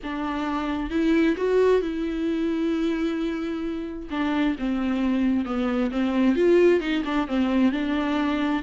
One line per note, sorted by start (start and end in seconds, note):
0.03 0.90 D4
0.90 1.35 E4
1.36 1.81 F#4
1.81 4.08 E4
4.10 4.56 D4
4.58 5.45 C4
5.45 5.90 B3
5.91 6.35 C4
6.35 6.80 F4
6.80 7.03 D#4
7.05 7.27 D4
7.27 7.71 C4
7.71 8.62 D4